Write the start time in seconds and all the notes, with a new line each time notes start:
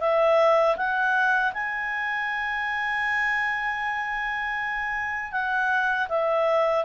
0.00 E5
0.77 F#5
1.53 G#5
5.32 F#5
6.09 E5